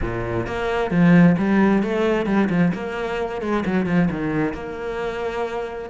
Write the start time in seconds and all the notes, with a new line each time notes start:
0.01 A#2
0.46 A#3
0.90 F3
1.38 G3
1.83 A3
2.26 G3
2.49 F3
2.73 A#3
3.41 G#3
3.65 F#3
3.86 F3
4.10 D#3
4.53 A#3